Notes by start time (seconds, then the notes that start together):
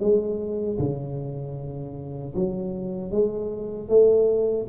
0.00 G#3
0.79 C#3
2.36 F#3
3.11 G#3
3.89 A3